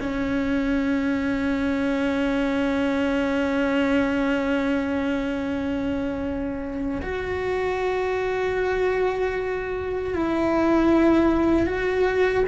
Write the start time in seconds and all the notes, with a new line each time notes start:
0.00 C#4
7.02 F#4
10.14 E4
11.66 F#4